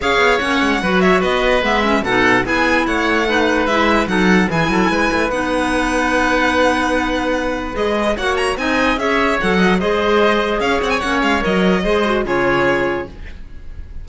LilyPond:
<<
  \new Staff \with { instrumentName = "violin" } { \time 4/4 \tempo 4 = 147 f''4 fis''4. e''8 dis''4 | e''4 fis''4 gis''4 fis''4~ | fis''4 e''4 fis''4 gis''4~ | gis''4 fis''2.~ |
fis''2. dis''4 | fis''8 ais''8 gis''4 e''4 fis''4 | dis''2 f''8 fis''16 gis''16 fis''8 f''8 | dis''2 cis''2 | }
  \new Staff \with { instrumentName = "oboe" } { \time 4/4 cis''2 b'8 cis''8 b'4~ | b'4 a'4 gis'4 cis''4 | b'2 a'4 gis'8 a'8 | b'1~ |
b'1 | cis''4 dis''4 cis''4. dis''8 | c''2 cis''2~ | cis''4 c''4 gis'2 | }
  \new Staff \with { instrumentName = "clarinet" } { \time 4/4 gis'4 cis'4 fis'2 | b8 cis'8 dis'4 e'2 | dis'4 e'4 dis'4 e'4~ | e'4 dis'2.~ |
dis'2. gis'4 | fis'4 dis'4 gis'4 a'4 | gis'2. cis'4 | ais'4 gis'8 fis'8 f'2 | }
  \new Staff \with { instrumentName = "cello" } { \time 4/4 cis'8 b8 ais8 gis8 fis4 b4 | gis4 b,4 b4 a4~ | a4 gis4 fis4 e8 fis8 | gis8 a8 b2.~ |
b2. gis4 | ais4 c'4 cis'4 fis4 | gis2 cis'8 c'8 ais8 gis8 | fis4 gis4 cis2 | }
>>